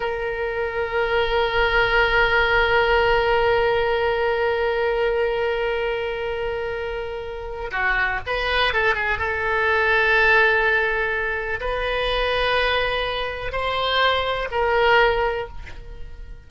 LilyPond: \new Staff \with { instrumentName = "oboe" } { \time 4/4 \tempo 4 = 124 ais'1~ | ais'1~ | ais'1~ | ais'1 |
fis'4 b'4 a'8 gis'8 a'4~ | a'1 | b'1 | c''2 ais'2 | }